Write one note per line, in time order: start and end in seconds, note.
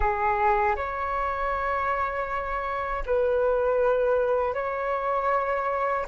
0.00 0.75 G#4
0.76 3.03 C#5
3.06 4.54 B4
4.54 6.06 C#5